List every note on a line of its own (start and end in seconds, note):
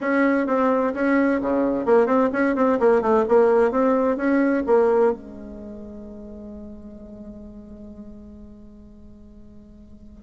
0.00 0.46 C#4
0.46 0.93 C4
0.94 1.40 C#4
1.41 1.85 C#3
1.85 2.06 A#3
2.06 2.29 C4
2.32 2.55 C#4
2.55 2.78 C4
2.79 3.01 A#3
3.01 3.25 A3
3.28 3.71 A#3
3.71 4.16 C4
4.16 4.63 C#4
4.66 5.12 A#3
5.12 10.23 G#3